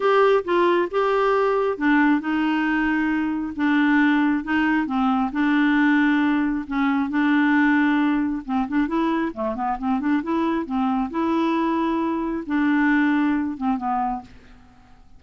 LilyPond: \new Staff \with { instrumentName = "clarinet" } { \time 4/4 \tempo 4 = 135 g'4 f'4 g'2 | d'4 dis'2. | d'2 dis'4 c'4 | d'2. cis'4 |
d'2. c'8 d'8 | e'4 a8 b8 c'8 d'8 e'4 | c'4 e'2. | d'2~ d'8 c'8 b4 | }